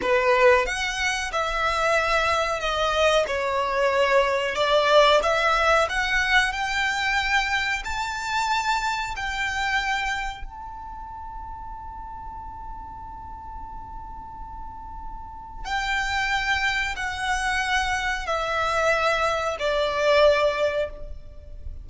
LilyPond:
\new Staff \with { instrumentName = "violin" } { \time 4/4 \tempo 4 = 92 b'4 fis''4 e''2 | dis''4 cis''2 d''4 | e''4 fis''4 g''2 | a''2 g''2 |
a''1~ | a''1 | g''2 fis''2 | e''2 d''2 | }